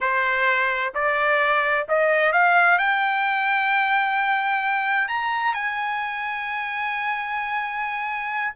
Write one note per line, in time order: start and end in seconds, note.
0.00 0.93 C5
0.94 1.86 D5
1.88 2.32 D#5
2.32 2.78 F5
2.78 5.07 G5
5.07 5.54 A#5
5.54 8.54 G#5